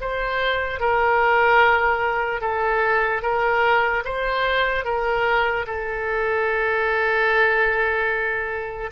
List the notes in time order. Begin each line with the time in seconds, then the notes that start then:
0.00 C5
0.80 A#4
2.41 A4
3.22 A#4
4.04 C5
4.84 A#4
5.66 A4